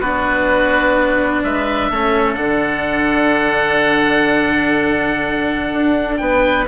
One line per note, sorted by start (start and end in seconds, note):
0.00 1.43 B3
0.00 1.93 D4
0.00 1.43 F#4
0.00 1.43 B4
1.43 1.90 G#3
1.43 1.91 B4
1.43 2.34 E5
1.90 2.37 A3
1.90 2.36 C#4
1.90 6.20 A4
2.34 5.70 D3
2.34 6.64 D4
2.34 6.15 F#5
5.72 6.20 D4
6.17 6.68 B3
6.17 6.68 B4
6.17 6.65 G5